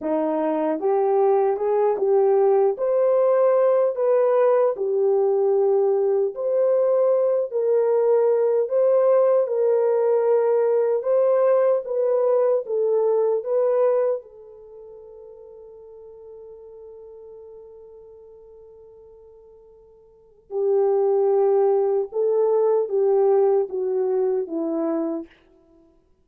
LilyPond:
\new Staff \with { instrumentName = "horn" } { \time 4/4 \tempo 4 = 76 dis'4 g'4 gis'8 g'4 c''8~ | c''4 b'4 g'2 | c''4. ais'4. c''4 | ais'2 c''4 b'4 |
a'4 b'4 a'2~ | a'1~ | a'2 g'2 | a'4 g'4 fis'4 e'4 | }